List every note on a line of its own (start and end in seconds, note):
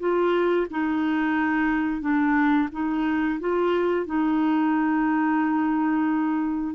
0.00 0.67 F4
0.71 2.01 D#4
2.01 2.69 D4
2.72 3.40 D#4
3.40 4.07 F4
4.07 6.75 D#4